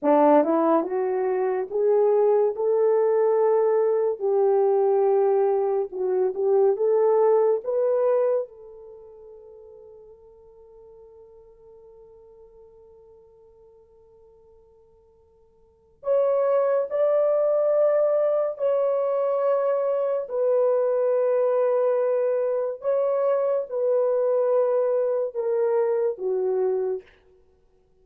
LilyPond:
\new Staff \with { instrumentName = "horn" } { \time 4/4 \tempo 4 = 71 d'8 e'8 fis'4 gis'4 a'4~ | a'4 g'2 fis'8 g'8 | a'4 b'4 a'2~ | a'1~ |
a'2. cis''4 | d''2 cis''2 | b'2. cis''4 | b'2 ais'4 fis'4 | }